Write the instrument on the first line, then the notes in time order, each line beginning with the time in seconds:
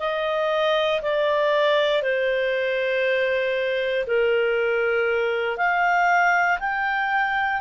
clarinet
0.00 D#5
1.03 D5
2.03 C5
4.07 A#4
5.58 F5
6.60 G5